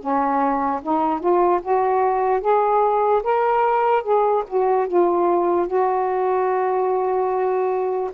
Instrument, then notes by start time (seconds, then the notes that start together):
saxophone
0.00 C#4
0.83 D#4
1.20 F4
1.62 F#4
2.41 G#4
3.23 A#4
4.03 G#4
4.48 F#4
4.88 F4
5.68 F#4